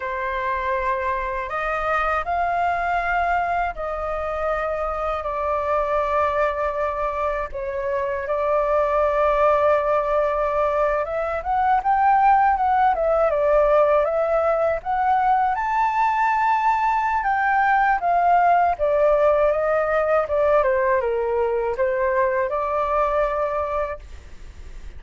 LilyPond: \new Staff \with { instrumentName = "flute" } { \time 4/4 \tempo 4 = 80 c''2 dis''4 f''4~ | f''4 dis''2 d''4~ | d''2 cis''4 d''4~ | d''2~ d''8. e''8 fis''8 g''16~ |
g''8. fis''8 e''8 d''4 e''4 fis''16~ | fis''8. a''2~ a''16 g''4 | f''4 d''4 dis''4 d''8 c''8 | ais'4 c''4 d''2 | }